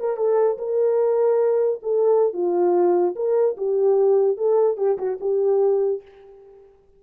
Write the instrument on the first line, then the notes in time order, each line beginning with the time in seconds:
horn
0.00 A#4
0.17 A4
0.58 A#4
1.83 A4
2.33 F4
3.16 A#4
3.57 G4
4.37 A4
4.77 G4
4.98 F#4
5.21 G4